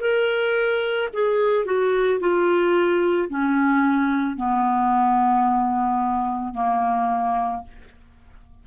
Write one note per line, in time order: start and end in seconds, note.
0.00 1.09 A#4
1.14 1.66 G#4
1.66 2.20 F#4
2.20 3.29 F4
3.29 4.36 C#4
4.36 6.55 B3
6.55 7.64 A#3